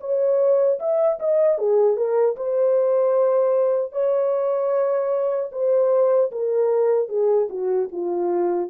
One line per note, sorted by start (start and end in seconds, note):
0.00 0.79 C#5
0.79 1.19 E5
1.19 1.58 D#5
1.58 1.96 G#4
1.96 2.36 A#4
2.36 3.92 C5
3.92 5.50 C#5
5.52 6.31 C5
6.31 7.08 A#4
7.08 7.48 G#4
7.49 7.89 F#4
7.92 8.70 F4